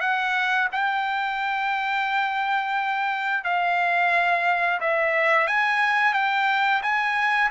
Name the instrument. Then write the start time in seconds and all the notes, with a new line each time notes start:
trumpet
0.00 F#5
0.72 G5
3.44 F5
4.80 E5
5.47 G#5
6.13 G5
6.82 G#5